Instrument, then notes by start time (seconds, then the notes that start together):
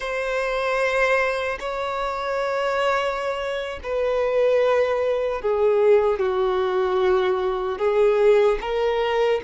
violin
0.00 C5
1.59 C#5
3.83 B4
5.41 G#4
6.19 F#4
7.78 G#4
8.60 A#4